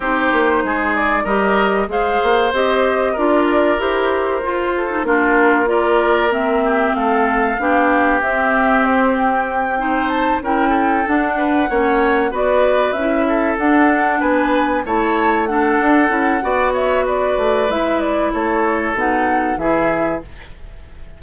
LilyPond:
<<
  \new Staff \with { instrumentName = "flute" } { \time 4/4 \tempo 4 = 95 c''4. d''8 dis''4 f''4 | dis''4 d''4 c''2 | ais'4 d''4 e''4 f''4~ | f''4 e''4 c''8 g''4. |
a''8 g''4 fis''2 d''8~ | d''8 e''4 fis''4 gis''4 a''8~ | a''8 fis''2 e''8 d''4 | e''8 d''8 cis''4 fis''4 e''4 | }
  \new Staff \with { instrumentName = "oboe" } { \time 4/4 g'4 gis'4 ais'4 c''4~ | c''4 ais'2~ ais'8 a'8 | f'4 ais'4. g'8 a'4 | g'2.~ g'8 c''8~ |
c''8 ais'8 a'4 b'8 cis''4 b'8~ | b'4 a'4. b'4 cis''8~ | cis''8 a'4. d''8 cis''8 b'4~ | b'4 a'2 gis'4 | }
  \new Staff \with { instrumentName = "clarinet" } { \time 4/4 dis'2 g'4 gis'4 | g'4 f'4 g'4 f'8. dis'16 | d'4 f'4 c'2 | d'4 c'2~ c'8 dis'8~ |
dis'8 e'4 d'4 cis'4 fis'8~ | fis'8 e'4 d'2 e'8~ | e'8 d'4 e'8 fis'2 | e'2 dis'4 e'4 | }
  \new Staff \with { instrumentName = "bassoon" } { \time 4/4 c'8 ais8 gis4 g4 gis8 ais8 | c'4 d'4 e'4 f'4 | ais2. a4 | b4 c'2.~ |
c'8 cis'4 d'4 ais4 b8~ | b8 cis'4 d'4 b4 a8~ | a4 d'8 cis'8 b4. a8 | gis4 a4 b,4 e4 | }
>>